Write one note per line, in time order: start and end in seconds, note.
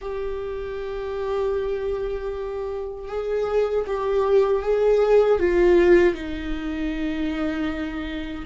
0.01 3.08 G4
3.08 3.85 G#4
3.86 4.62 G4
4.62 5.39 G#4
5.39 6.14 F4
6.14 8.45 D#4